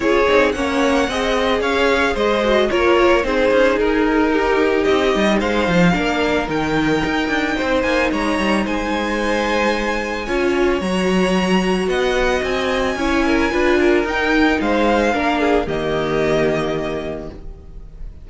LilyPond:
<<
  \new Staff \with { instrumentName = "violin" } { \time 4/4 \tempo 4 = 111 cis''4 fis''2 f''4 | dis''4 cis''4 c''4 ais'4~ | ais'4 dis''4 f''2 | g''2~ g''8 gis''8 ais''4 |
gis''1 | ais''2 fis''4 gis''4~ | gis''2 g''4 f''4~ | f''4 dis''2. | }
  \new Staff \with { instrumentName = "violin" } { \time 4/4 gis'4 cis''4 dis''4 cis''4 | c''4 ais'4 gis'2 | g'2 c''4 ais'4~ | ais'2 c''4 cis''4 |
c''2. cis''4~ | cis''2 dis''2 | cis''8 ais'8 b'8 ais'4. c''4 | ais'8 gis'8 g'2. | }
  \new Staff \with { instrumentName = "viola" } { \time 4/4 f'8 dis'8 cis'4 gis'2~ | gis'8 fis'8 f'4 dis'2~ | dis'2. d'4 | dis'1~ |
dis'2. f'4 | fis'1 | e'4 f'4 dis'2 | d'4 ais2. | }
  \new Staff \with { instrumentName = "cello" } { \time 4/4 cis'8 c'8 ais4 c'4 cis'4 | gis4 ais4 c'8 cis'8 dis'4~ | dis'4 c'8 g8 gis8 f8 ais4 | dis4 dis'8 d'8 c'8 ais8 gis8 g8 |
gis2. cis'4 | fis2 b4 c'4 | cis'4 d'4 dis'4 gis4 | ais4 dis2. | }
>>